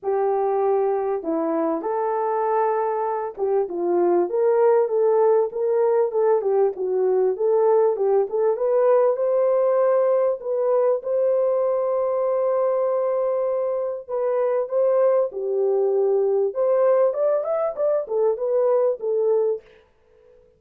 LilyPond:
\new Staff \with { instrumentName = "horn" } { \time 4/4 \tempo 4 = 98 g'2 e'4 a'4~ | a'4. g'8 f'4 ais'4 | a'4 ais'4 a'8 g'8 fis'4 | a'4 g'8 a'8 b'4 c''4~ |
c''4 b'4 c''2~ | c''2. b'4 | c''4 g'2 c''4 | d''8 e''8 d''8 a'8 b'4 a'4 | }